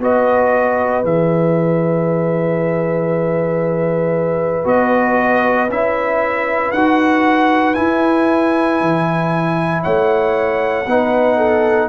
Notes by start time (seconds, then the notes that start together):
0.00 B3 F#4 B4 D#5
1.04 E3 G#4 E5
4.64 B3 F#4 D#5
5.69 C#4 E4 E5
6.72 D#4 F#4 F#5
7.74 E4 G#5
8.80 E3
9.83 A3 C#5 F#5
10.86 B3 D#4 B4
11.37 A4